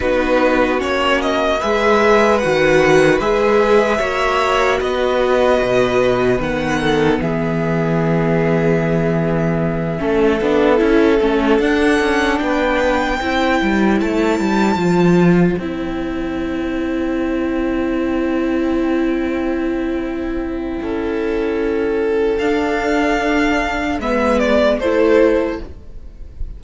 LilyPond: <<
  \new Staff \with { instrumentName = "violin" } { \time 4/4 \tempo 4 = 75 b'4 cis''8 dis''8 e''4 fis''4 | e''2 dis''2 | fis''4 e''2.~ | e''2~ e''8 fis''4 g''8~ |
g''4. a''2 g''8~ | g''1~ | g''1 | f''2 e''8 d''8 c''4 | }
  \new Staff \with { instrumentName = "violin" } { \time 4/4 fis'2 b'2~ | b'4 cis''4 b'2~ | b'8 a'8 gis'2.~ | gis'8 a'2. b'8~ |
b'8 c''2.~ c''8~ | c''1~ | c''2 a'2~ | a'2 b'4 a'4 | }
  \new Staff \with { instrumentName = "viola" } { \time 4/4 dis'4 cis'4 gis'4 fis'4 | gis'4 fis'2. | b1~ | b8 cis'8 d'8 e'8 cis'8 d'4.~ |
d'8 e'2 f'4 e'8~ | e'1~ | e'1 | d'2 b4 e'4 | }
  \new Staff \with { instrumentName = "cello" } { \time 4/4 b4 ais4 gis4 dis4 | gis4 ais4 b4 b,4 | dis4 e2.~ | e8 a8 b8 cis'8 a8 d'8 cis'8 b8~ |
b8 c'8 g8 a8 g8 f4 c'8~ | c'1~ | c'2 cis'2 | d'2 gis4 a4 | }
>>